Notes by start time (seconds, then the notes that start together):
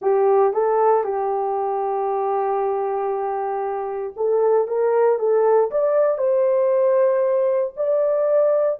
0.01 G4
0.53 A4
1.03 G4
4.16 A4
4.67 A#4
5.18 A4
5.70 D5
6.18 C5
7.76 D5